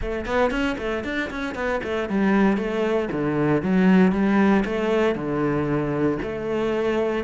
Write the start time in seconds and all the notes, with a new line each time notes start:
0.01 A3
0.25 B3
0.50 C#4
0.78 A3
1.04 D4
1.30 C#4
1.54 B3
1.83 A3
2.09 G3
2.57 A3
3.11 D3
3.62 F#3
4.12 G3
4.65 A3
5.15 D3
6.22 A3